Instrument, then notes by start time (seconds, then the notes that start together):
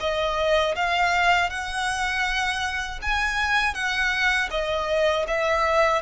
violin
0.00 D#5
0.75 F5
1.50 F#5
3.02 G#5
3.74 F#5
4.51 D#5
5.27 E5